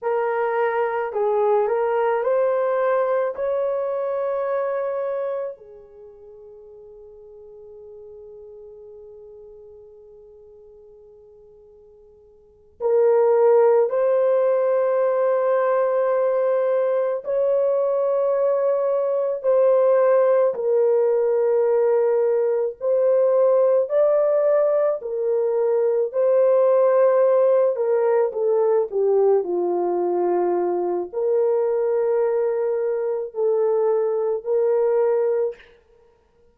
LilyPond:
\new Staff \with { instrumentName = "horn" } { \time 4/4 \tempo 4 = 54 ais'4 gis'8 ais'8 c''4 cis''4~ | cis''4 gis'2.~ | gis'2.~ gis'8 ais'8~ | ais'8 c''2. cis''8~ |
cis''4. c''4 ais'4.~ | ais'8 c''4 d''4 ais'4 c''8~ | c''4 ais'8 a'8 g'8 f'4. | ais'2 a'4 ais'4 | }